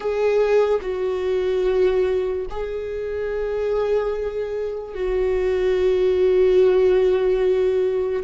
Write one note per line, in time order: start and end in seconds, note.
0.00 0.79 G#4
0.81 2.46 F#4
2.50 4.94 G#4
4.94 8.23 F#4